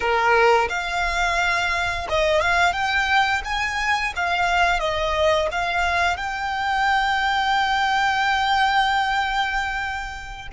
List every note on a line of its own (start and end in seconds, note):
0.00 0.68 A#4
0.69 2.07 F5
2.09 2.41 D#5
2.41 2.72 F5
2.72 3.41 G5
3.44 4.13 G#5
4.15 4.79 F5
4.79 5.48 D#5
5.51 6.17 F5
6.17 10.48 G5